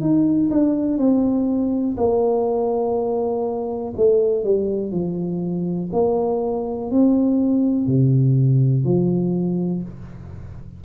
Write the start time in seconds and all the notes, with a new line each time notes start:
0.00 D#4
0.50 D4
0.97 C4
1.97 A#3
3.96 A3
4.44 G3
4.91 F3
5.92 A#3
6.91 C4
7.86 C3
8.84 F3